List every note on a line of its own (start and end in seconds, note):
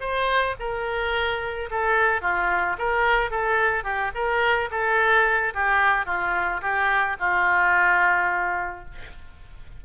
0.00 0.55 C5
0.59 1.69 A#4
1.70 2.21 A4
2.21 2.76 F4
2.78 3.31 A#4
3.31 3.84 A4
3.84 4.11 G4
4.14 4.69 A#4
4.71 5.53 A4
5.54 6.06 G4
6.06 6.61 F4
6.61 7.16 G4
7.19 8.84 F4